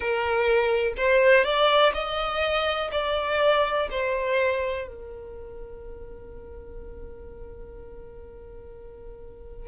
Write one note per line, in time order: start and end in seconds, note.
0.00 0.93 A#4
0.97 1.44 C5
1.44 1.92 D5
1.94 2.90 D#5
2.91 3.88 D5
3.90 4.87 C5
4.87 9.68 A#4